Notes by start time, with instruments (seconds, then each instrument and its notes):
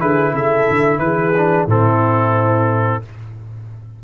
0.00 tuba D3, trombone E4, horn G#4, trumpet B4
0.33 tuba C#3, horn A4, trumpet E5
0.70 tuba D3
0.98 tuba E3, horn G#4, trumpet B4
1.37 trombone D4
1.67 tuba A2, trombone C4, horn E4, trumpet A4